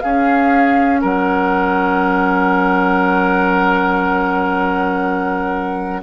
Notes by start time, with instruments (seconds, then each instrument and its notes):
0.00 bassoon C#4, clarinet C#4, oboe G#4, flute F5
1.01 bassoon F#3, oboe A#4, flute F#5